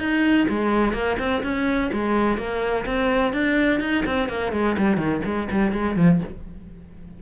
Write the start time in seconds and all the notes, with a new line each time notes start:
0.00 D#4
0.50 G#3
0.94 A#3
1.19 C4
1.44 C#4
1.93 G#3
2.38 A#3
2.86 C4
3.34 D4
3.81 D#4
4.06 C4
4.29 A#3
4.53 G#3
4.78 G3
4.98 D#3
5.25 G#3
5.52 G3
5.73 G#3
5.97 F3